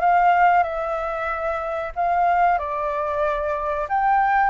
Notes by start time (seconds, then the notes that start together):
0.00 F5
0.63 E5
1.95 F5
2.58 D5
3.89 G5